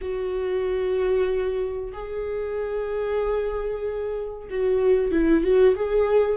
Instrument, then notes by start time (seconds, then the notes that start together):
viola
0.01 F#4
1.93 G#4
4.50 F#4
5.11 E4
5.43 F#4
5.75 G#4